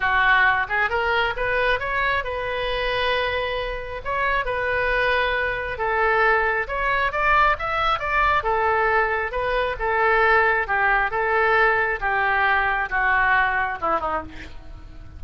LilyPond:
\new Staff \with { instrumentName = "oboe" } { \time 4/4 \tempo 4 = 135 fis'4. gis'8 ais'4 b'4 | cis''4 b'2.~ | b'4 cis''4 b'2~ | b'4 a'2 cis''4 |
d''4 e''4 d''4 a'4~ | a'4 b'4 a'2 | g'4 a'2 g'4~ | g'4 fis'2 e'8 dis'8 | }